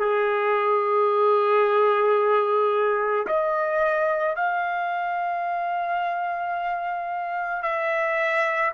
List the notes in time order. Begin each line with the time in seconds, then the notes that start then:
0.00 G#4
3.27 D#5
4.36 F5
7.63 E5